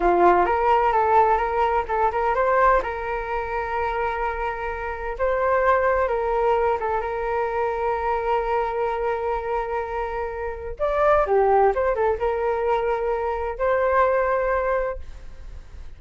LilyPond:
\new Staff \with { instrumentName = "flute" } { \time 4/4 \tempo 4 = 128 f'4 ais'4 a'4 ais'4 | a'8 ais'8 c''4 ais'2~ | ais'2. c''4~ | c''4 ais'4. a'8 ais'4~ |
ais'1~ | ais'2. d''4 | g'4 c''8 a'8 ais'2~ | ais'4 c''2. | }